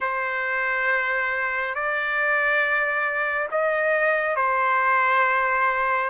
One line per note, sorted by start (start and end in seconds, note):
0.00 1.74 C5
1.74 3.48 D5
3.51 4.36 D#5
4.36 6.09 C5